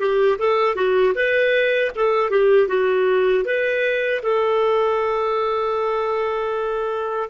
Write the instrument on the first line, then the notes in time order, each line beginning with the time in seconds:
clarinet
0.00 G4
0.38 A4
0.76 F#4
1.15 B4
1.95 A4
2.30 G4
2.68 F#4
3.45 B4
4.22 A4